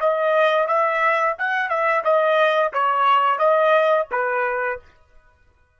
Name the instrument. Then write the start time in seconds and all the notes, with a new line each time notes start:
trumpet
0.00 D#5
0.68 E5
1.38 F#5
1.69 E5
2.04 D#5
2.73 C#5
3.39 D#5
4.11 B4